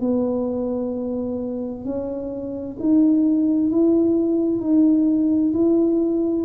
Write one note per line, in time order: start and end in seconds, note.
0.00 1.84 B3
1.84 2.76 C#4
2.79 3.70 D#4
3.70 4.60 E4
4.60 5.53 D#4
5.53 6.45 E4